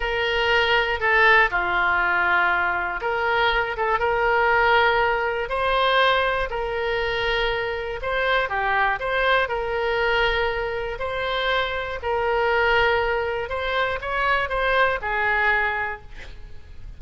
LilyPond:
\new Staff \with { instrumentName = "oboe" } { \time 4/4 \tempo 4 = 120 ais'2 a'4 f'4~ | f'2 ais'4. a'8 | ais'2. c''4~ | c''4 ais'2. |
c''4 g'4 c''4 ais'4~ | ais'2 c''2 | ais'2. c''4 | cis''4 c''4 gis'2 | }